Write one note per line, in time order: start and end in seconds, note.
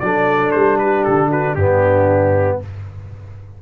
0.00 0.54 F#3
0.00 1.58 D4
0.00 0.81 A4
0.00 0.52 D5
0.52 1.07 G3
0.52 0.77 C5
0.78 1.29 G4
0.78 1.04 B4
1.04 1.56 D3
1.04 1.30 A4
1.29 1.55 F#4
1.29 1.55 B4
1.55 2.60 G2
1.55 2.62 B3
1.55 2.60 D4
1.55 2.59 G4